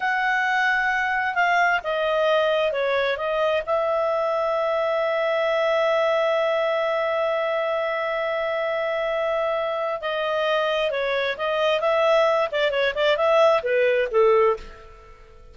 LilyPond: \new Staff \with { instrumentName = "clarinet" } { \time 4/4 \tempo 4 = 132 fis''2. f''4 | dis''2 cis''4 dis''4 | e''1~ | e''1~ |
e''1~ | e''2 dis''2 | cis''4 dis''4 e''4. d''8 | cis''8 d''8 e''4 b'4 a'4 | }